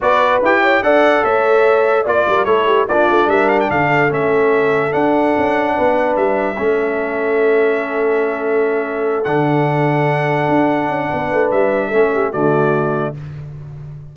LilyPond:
<<
  \new Staff \with { instrumentName = "trumpet" } { \time 4/4 \tempo 4 = 146 d''4 g''4 fis''4 e''4~ | e''4 d''4 cis''4 d''4 | e''8 f''16 g''16 f''4 e''2 | fis''2. e''4~ |
e''1~ | e''2~ e''8 fis''4.~ | fis''1 | e''2 d''2 | }
  \new Staff \with { instrumentName = "horn" } { \time 4/4 b'4. cis''8 d''4 cis''4~ | cis''4 d''8 ais'8 a'8 g'8 f'4 | ais'4 a'2.~ | a'2 b'2 |
a'1~ | a'1~ | a'2. b'4~ | b'4 a'8 g'8 fis'2 | }
  \new Staff \with { instrumentName = "trombone" } { \time 4/4 fis'4 g'4 a'2~ | a'4 f'4 e'4 d'4~ | d'2 cis'2 | d'1 |
cis'1~ | cis'2~ cis'8 d'4.~ | d'1~ | d'4 cis'4 a2 | }
  \new Staff \with { instrumentName = "tuba" } { \time 4/4 b4 e'4 d'4 a4~ | a4 ais8 g8 a4 ais8 a8 | g4 d4 a2 | d'4 cis'4 b4 g4 |
a1~ | a2~ a8 d4.~ | d4. d'4 cis'8 b8 a8 | g4 a4 d2 | }
>>